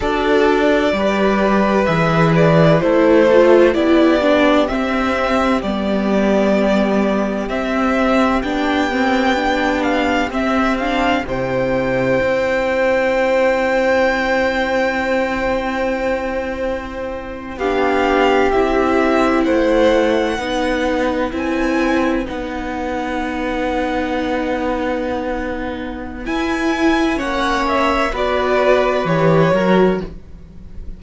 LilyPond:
<<
  \new Staff \with { instrumentName = "violin" } { \time 4/4 \tempo 4 = 64 d''2 e''8 d''8 c''4 | d''4 e''4 d''2 | e''4 g''4. f''8 e''8 f''8 | g''1~ |
g''2~ g''8. f''4 e''16~ | e''8. fis''2 gis''4 fis''16~ | fis''1 | gis''4 fis''8 e''8 d''4 cis''4 | }
  \new Staff \with { instrumentName = "violin" } { \time 4/4 a'4 b'2 a'4 | g'1~ | g'1 | c''1~ |
c''2~ c''8. g'4~ g'16~ | g'8. c''4 b'2~ b'16~ | b'1~ | b'4 cis''4 b'4. ais'8 | }
  \new Staff \with { instrumentName = "viola" } { \time 4/4 fis'4 g'4 gis'4 e'8 f'8 | e'8 d'8 c'4 b2 | c'4 d'8 c'8 d'4 c'8 d'8 | e'1~ |
e'2~ e'8. d'4 e'16~ | e'4.~ e'16 dis'4 e'4 dis'16~ | dis'1 | e'4 cis'4 fis'4 g'8 fis'8 | }
  \new Staff \with { instrumentName = "cello" } { \time 4/4 d'4 g4 e4 a4 | b4 c'4 g2 | c'4 b2 c'4 | c4 c'2.~ |
c'2~ c'8. b4 c'16~ | c'8. a4 b4 c'4 b16~ | b1 | e'4 ais4 b4 e8 fis8 | }
>>